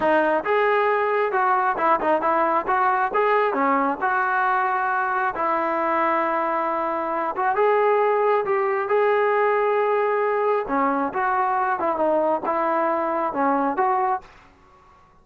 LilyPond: \new Staff \with { instrumentName = "trombone" } { \time 4/4 \tempo 4 = 135 dis'4 gis'2 fis'4 | e'8 dis'8 e'4 fis'4 gis'4 | cis'4 fis'2. | e'1~ |
e'8 fis'8 gis'2 g'4 | gis'1 | cis'4 fis'4. e'8 dis'4 | e'2 cis'4 fis'4 | }